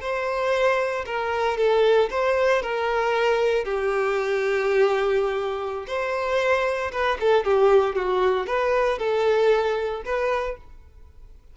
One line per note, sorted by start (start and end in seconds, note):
0.00 1.04 C5
1.05 1.57 A#4
1.57 2.09 A4
2.10 2.62 C5
2.62 3.64 A#4
3.64 5.86 G4
5.86 6.91 C5
6.91 7.17 B4
7.20 7.44 A4
7.44 7.95 G4
7.95 8.46 F#4
8.46 8.98 B4
8.98 10.03 A4
10.04 10.57 B4